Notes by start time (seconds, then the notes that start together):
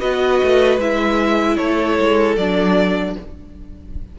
0.00 B3 F#4 B4 D#5
0.43 A3
0.78 G#3 E4 E5
1.57 A3 A4 C#5
2.00 G#3
2.37 F#3 D4 D5